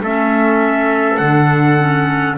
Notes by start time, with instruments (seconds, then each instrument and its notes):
0.00 double bass A3, clarinet C#4, trumpet A4 E5
1.16 double bass D3, clarinet D4, trumpet F#5
1.77 clarinet C#4